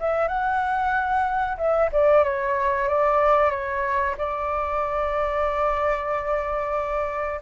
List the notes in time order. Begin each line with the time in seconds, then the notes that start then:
0.00 E5
0.28 F#5
1.58 E5
1.93 D5
2.24 C#5
2.89 D5
3.51 C#5
4.18 D5